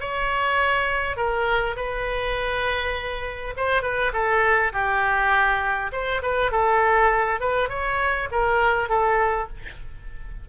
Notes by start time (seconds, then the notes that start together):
0.00 C#5
1.17 A#4
1.76 B4
3.56 C5
3.82 B4
4.13 A4
4.73 G4
5.92 C5
6.22 B4
6.51 A4
7.40 B4
7.69 C#5
8.31 A#4
8.89 A4